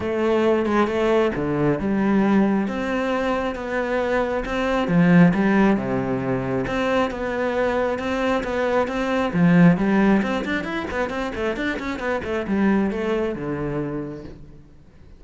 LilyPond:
\new Staff \with { instrumentName = "cello" } { \time 4/4 \tempo 4 = 135 a4. gis8 a4 d4 | g2 c'2 | b2 c'4 f4 | g4 c2 c'4 |
b2 c'4 b4 | c'4 f4 g4 c'8 d'8 | e'8 b8 c'8 a8 d'8 cis'8 b8 a8 | g4 a4 d2 | }